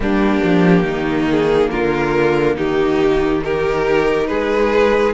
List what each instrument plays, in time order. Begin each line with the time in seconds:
0.00 cello G3, viola A#3, violin D4 G4
0.44 cello F3
0.82 cello D#3, violin D#4
1.31 violin G#4
1.71 cello D3, violin F4 A#4
2.56 cello D#3, violin D#4 G4
3.43 viola D#4, violin G4 A#4
4.27 cello G#3, violin G#4 B4